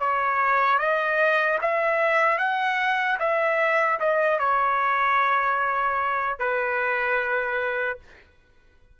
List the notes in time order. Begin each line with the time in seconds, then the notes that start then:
0.00 C#5
0.79 D#5
1.62 E5
2.39 F#5
3.20 E5
4.00 D#5
4.39 C#5
6.39 B4